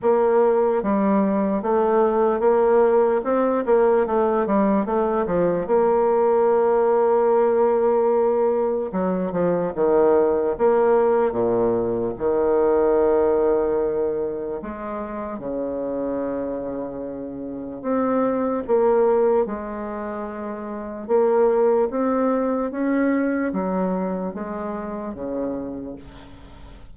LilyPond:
\new Staff \with { instrumentName = "bassoon" } { \time 4/4 \tempo 4 = 74 ais4 g4 a4 ais4 | c'8 ais8 a8 g8 a8 f8 ais4~ | ais2. fis8 f8 | dis4 ais4 ais,4 dis4~ |
dis2 gis4 cis4~ | cis2 c'4 ais4 | gis2 ais4 c'4 | cis'4 fis4 gis4 cis4 | }